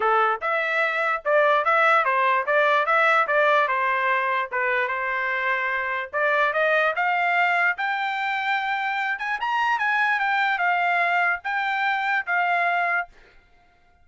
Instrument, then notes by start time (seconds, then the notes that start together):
trumpet
0.00 A4
0.41 E5
1.24 D5
1.64 E5
2.04 C5
2.46 D5
2.86 E5
3.27 D5
3.67 C5
4.51 B4
4.88 C5
6.12 D5
6.53 D#5
6.95 F5
7.77 G5
9.18 G#5
9.40 A#5
9.78 G#5
10.19 G5
10.58 F5
11.44 G5
12.26 F5